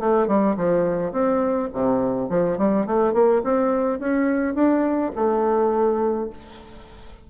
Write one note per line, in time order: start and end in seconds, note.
0.00 0.28 A3
0.28 0.56 G3
0.57 1.12 F3
1.12 1.69 C4
1.73 2.30 C3
2.30 2.58 F3
2.58 2.86 G3
2.86 3.13 A3
3.13 3.42 A#3
3.44 3.99 C4
3.99 4.55 C#4
4.55 5.12 D4
5.16 6.30 A3